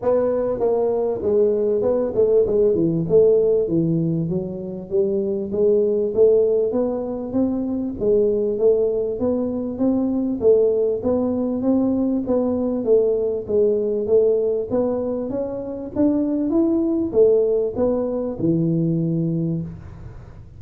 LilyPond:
\new Staff \with { instrumentName = "tuba" } { \time 4/4 \tempo 4 = 98 b4 ais4 gis4 b8 a8 | gis8 e8 a4 e4 fis4 | g4 gis4 a4 b4 | c'4 gis4 a4 b4 |
c'4 a4 b4 c'4 | b4 a4 gis4 a4 | b4 cis'4 d'4 e'4 | a4 b4 e2 | }